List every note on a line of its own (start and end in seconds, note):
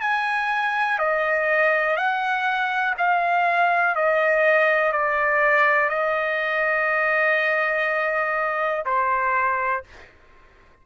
0.00 0.98 G#5
0.98 1.96 D#5
1.96 2.94 F#5
2.97 3.95 F5
3.95 4.92 D#5
4.92 5.89 D5
5.89 8.84 D#5
8.85 9.83 C5